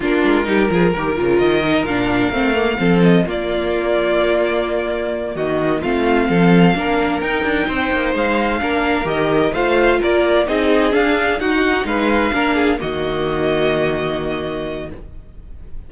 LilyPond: <<
  \new Staff \with { instrumentName = "violin" } { \time 4/4 \tempo 4 = 129 ais'2. dis''4 | f''2~ f''8 dis''8 d''4~ | d''2.~ d''8 dis''8~ | dis''8 f''2. g''8~ |
g''4. f''2 dis''8~ | dis''8 f''4 d''4 dis''4 f''8~ | f''8 fis''4 f''2 dis''8~ | dis''1 | }
  \new Staff \with { instrumentName = "violin" } { \time 4/4 f'4 g'8 gis'8 ais'2~ | ais'2 a'4 f'4~ | f'2.~ f'8 fis'8~ | fis'8 f'4 a'4 ais'4.~ |
ais'8 c''2 ais'4.~ | ais'8 c''4 ais'4 gis'4.~ | gis'8 fis'4 b'4 ais'8 gis'8 fis'8~ | fis'1 | }
  \new Staff \with { instrumentName = "viola" } { \time 4/4 d'4 dis'8 f'8 g'8 f'4 dis'8 | d'4 c'8 ais8 c'4 ais4~ | ais1~ | ais8 c'2 d'4 dis'8~ |
dis'2~ dis'8 d'4 g'8~ | g'8 f'2 dis'4 d'8~ | d'8 dis'2 d'4 ais8~ | ais1 | }
  \new Staff \with { instrumentName = "cello" } { \time 4/4 ais8 gis8 g8 f8 dis8 cis8 dis4 | ais,4 a4 f4 ais4~ | ais2.~ ais8 dis8~ | dis8 a4 f4 ais4 dis'8 |
d'8 c'8 ais8 gis4 ais4 dis8~ | dis8 a4 ais4 c'4 d'8~ | d'8 dis'4 gis4 ais4 dis8~ | dis1 | }
>>